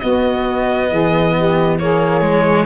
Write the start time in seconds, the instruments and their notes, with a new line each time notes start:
0.00 tuba B3, cello B3, saxophone F#4, violin D#5
0.90 tuba E3, saxophone G#4
1.37 saxophone G4
1.79 cello A#3, saxophone G#4, violin C#5
2.21 cello G#3